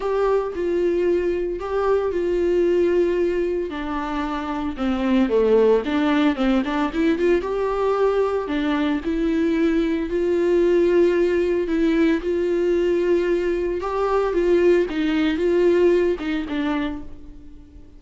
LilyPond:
\new Staff \with { instrumentName = "viola" } { \time 4/4 \tempo 4 = 113 g'4 f'2 g'4 | f'2. d'4~ | d'4 c'4 a4 d'4 | c'8 d'8 e'8 f'8 g'2 |
d'4 e'2 f'4~ | f'2 e'4 f'4~ | f'2 g'4 f'4 | dis'4 f'4. dis'8 d'4 | }